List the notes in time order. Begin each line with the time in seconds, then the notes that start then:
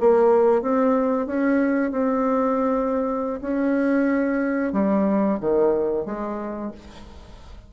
0.00 A#3
0.61 C4
1.26 C#4
1.91 C4
3.41 C#4
4.73 G3
5.40 D#3
6.05 G#3